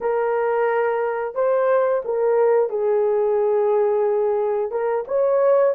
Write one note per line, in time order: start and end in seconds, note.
0.00 1.35 A#4
1.35 2.02 C5
2.04 2.69 A#4
2.69 4.71 G#4
4.71 5.04 A#4
5.07 5.74 C#5